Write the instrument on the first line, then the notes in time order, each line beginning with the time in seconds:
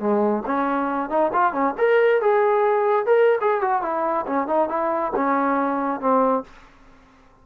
trombone
0.00 G#3
0.46 C#4
1.10 D#4
1.33 F4
1.53 C#4
1.78 A#4
2.21 G#4
3.06 A#4
3.41 G#4
3.61 F#4
3.82 E4
4.27 C#4
4.47 D#4
4.69 E4
5.16 C#4
6.00 C4